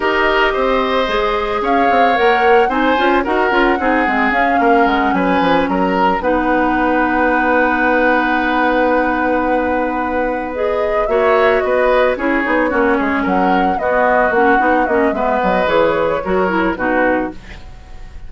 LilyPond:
<<
  \new Staff \with { instrumentName = "flute" } { \time 4/4 \tempo 4 = 111 dis''2. f''4 | fis''4 gis''4 fis''2 | f''4 fis''8 gis''4 ais''4 fis''8~ | fis''1~ |
fis''2.~ fis''8 dis''8~ | dis''8 e''4 dis''4 cis''4.~ | cis''8 fis''4 dis''4 fis''4 dis''8 | e''8 dis''8 cis''2 b'4 | }
  \new Staff \with { instrumentName = "oboe" } { \time 4/4 ais'4 c''2 cis''4~ | cis''4 c''4 ais'4 gis'4~ | gis'8 ais'4 b'4 ais'4 b'8~ | b'1~ |
b'1~ | b'8 cis''4 b'4 gis'4 fis'8 | gis'8 ais'4 fis'2~ fis'8 | b'2 ais'4 fis'4 | }
  \new Staff \with { instrumentName = "clarinet" } { \time 4/4 g'2 gis'2 | ais'4 dis'8 f'8 fis'8 f'8 dis'8 c'8 | cis'2.~ cis'8 dis'8~ | dis'1~ |
dis'2.~ dis'8 gis'8~ | gis'8 fis'2 e'8 dis'8 cis'8~ | cis'4. b4 cis'8 dis'8 cis'8 | b4 gis'4 fis'8 e'8 dis'4 | }
  \new Staff \with { instrumentName = "bassoon" } { \time 4/4 dis'4 c'4 gis4 cis'8 c'8 | ais4 c'8 cis'8 dis'8 cis'8 c'8 gis8 | cis'8 ais8 gis8 fis8 f8 fis4 b8~ | b1~ |
b1~ | b8 ais4 b4 cis'8 b8 ais8 | gis8 fis4 b4 ais8 b8 ais8 | gis8 fis8 e4 fis4 b,4 | }
>>